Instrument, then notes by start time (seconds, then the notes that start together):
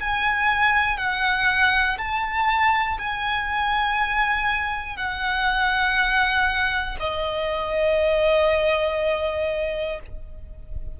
violin
0.00 G#5
0.97 F#5
1.98 A5
2.98 G#5
4.96 F#5
7.00 D#5